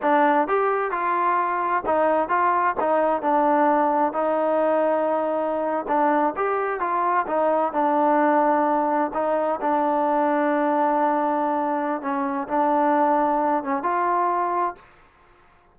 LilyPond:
\new Staff \with { instrumentName = "trombone" } { \time 4/4 \tempo 4 = 130 d'4 g'4 f'2 | dis'4 f'4 dis'4 d'4~ | d'4 dis'2.~ | dis'8. d'4 g'4 f'4 dis'16~ |
dis'8. d'2. dis'16~ | dis'8. d'2.~ d'16~ | d'2 cis'4 d'4~ | d'4. cis'8 f'2 | }